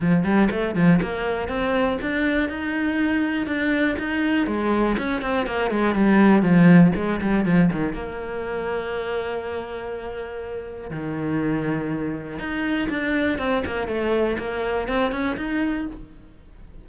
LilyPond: \new Staff \with { instrumentName = "cello" } { \time 4/4 \tempo 4 = 121 f8 g8 a8 f8 ais4 c'4 | d'4 dis'2 d'4 | dis'4 gis4 cis'8 c'8 ais8 gis8 | g4 f4 gis8 g8 f8 dis8 |
ais1~ | ais2 dis2~ | dis4 dis'4 d'4 c'8 ais8 | a4 ais4 c'8 cis'8 dis'4 | }